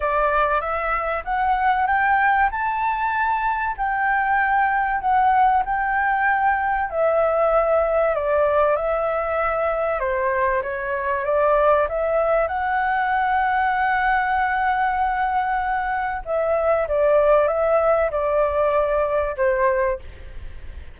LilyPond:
\new Staff \with { instrumentName = "flute" } { \time 4/4 \tempo 4 = 96 d''4 e''4 fis''4 g''4 | a''2 g''2 | fis''4 g''2 e''4~ | e''4 d''4 e''2 |
c''4 cis''4 d''4 e''4 | fis''1~ | fis''2 e''4 d''4 | e''4 d''2 c''4 | }